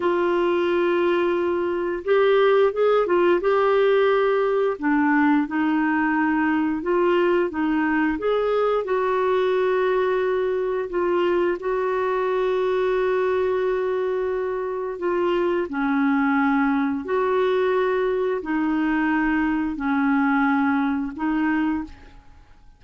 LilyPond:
\new Staff \with { instrumentName = "clarinet" } { \time 4/4 \tempo 4 = 88 f'2. g'4 | gis'8 f'8 g'2 d'4 | dis'2 f'4 dis'4 | gis'4 fis'2. |
f'4 fis'2.~ | fis'2 f'4 cis'4~ | cis'4 fis'2 dis'4~ | dis'4 cis'2 dis'4 | }